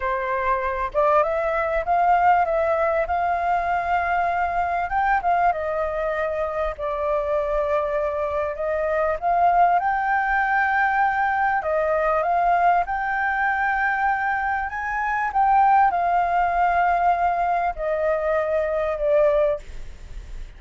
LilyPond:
\new Staff \with { instrumentName = "flute" } { \time 4/4 \tempo 4 = 98 c''4. d''8 e''4 f''4 | e''4 f''2. | g''8 f''8 dis''2 d''4~ | d''2 dis''4 f''4 |
g''2. dis''4 | f''4 g''2. | gis''4 g''4 f''2~ | f''4 dis''2 d''4 | }